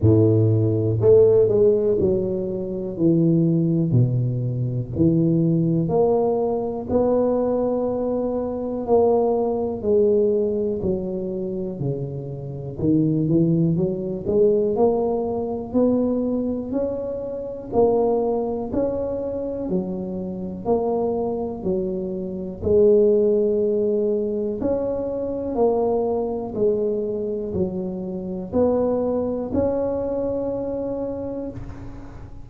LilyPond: \new Staff \with { instrumentName = "tuba" } { \time 4/4 \tempo 4 = 61 a,4 a8 gis8 fis4 e4 | b,4 e4 ais4 b4~ | b4 ais4 gis4 fis4 | cis4 dis8 e8 fis8 gis8 ais4 |
b4 cis'4 ais4 cis'4 | fis4 ais4 fis4 gis4~ | gis4 cis'4 ais4 gis4 | fis4 b4 cis'2 | }